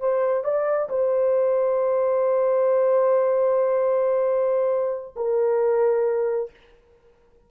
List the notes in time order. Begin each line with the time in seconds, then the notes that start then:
0.00 C5
0.44 D5
0.89 C5
5.16 A#4